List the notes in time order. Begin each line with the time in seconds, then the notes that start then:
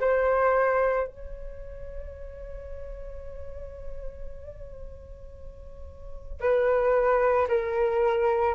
0.00 C5
1.07 C#5
6.40 B4
7.48 A#4